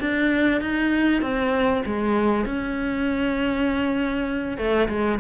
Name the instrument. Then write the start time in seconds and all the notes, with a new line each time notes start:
cello
0.00 D4
0.61 D#4
1.22 C4
1.86 G#3
2.45 C#4
4.58 A3
4.88 G#3